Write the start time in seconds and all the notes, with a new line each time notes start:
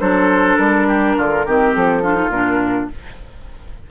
0.00 F#3 D4 A4 C5
0.57 G3 A#4
0.88 G4
1.17 D3 F4
1.46 D#3 C4 G4
1.75 F3 A4
2.03 D4 F4
2.15 D#4
2.29 A#2 D4 A#4